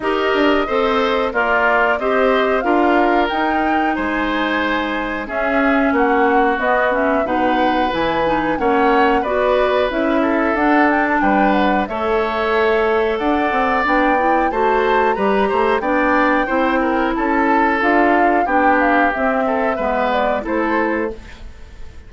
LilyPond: <<
  \new Staff \with { instrumentName = "flute" } { \time 4/4 \tempo 4 = 91 dis''2 d''4 dis''4 | f''4 g''4 gis''2 | e''4 fis''4 dis''8 e''8 fis''4 | gis''4 fis''4 d''4 e''4 |
fis''8 g''16 a''16 g''8 fis''8 e''2 | fis''4 g''4 a''4 ais''4 | g''2 a''4 f''4 | g''8 f''8 e''4. d''8 c''4 | }
  \new Staff \with { instrumentName = "oboe" } { \time 4/4 ais'4 c''4 f'4 c''4 | ais'2 c''2 | gis'4 fis'2 b'4~ | b'4 cis''4 b'4. a'8~ |
a'4 b'4 cis''2 | d''2 c''4 b'8 c''8 | d''4 c''8 ais'8 a'2 | g'4. a'8 b'4 a'4 | }
  \new Staff \with { instrumentName = "clarinet" } { \time 4/4 g'4 a'4 ais'4 g'4 | f'4 dis'2. | cis'2 b8 cis'8 dis'4 | e'8 dis'8 cis'4 fis'4 e'4 |
d'2 a'2~ | a'4 d'8 e'8 fis'4 g'4 | d'4 e'2 f'4 | d'4 c'4 b4 e'4 | }
  \new Staff \with { instrumentName = "bassoon" } { \time 4/4 dis'8 d'8 c'4 ais4 c'4 | d'4 dis'4 gis2 | cis'4 ais4 b4 b,4 | e4 ais4 b4 cis'4 |
d'4 g4 a2 | d'8 c'8 b4 a4 g8 a8 | b4 c'4 cis'4 d'4 | b4 c'4 gis4 a4 | }
>>